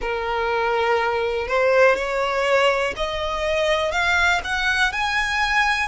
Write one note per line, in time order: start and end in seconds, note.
0.00 1.47 A#4
1.47 1.95 C5
1.95 2.93 C#5
2.96 3.91 D#5
3.91 4.40 F5
4.44 4.92 F#5
4.92 5.88 G#5